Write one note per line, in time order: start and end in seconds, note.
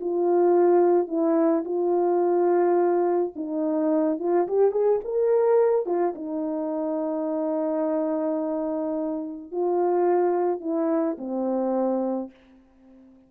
0.00 1.08 F4
1.08 1.64 E4
1.65 3.33 F4
3.35 4.19 D#4
4.19 4.47 F4
4.47 4.71 G4
4.71 4.99 G#4
5.04 5.86 A#4
5.86 6.14 F4
6.15 9.51 D#4
9.51 10.60 F4
10.60 11.16 E4
11.18 12.30 C4